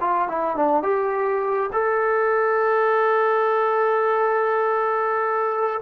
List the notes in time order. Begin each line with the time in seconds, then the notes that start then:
0.00 F4
0.28 E4
0.56 D4
0.83 G4
1.73 A4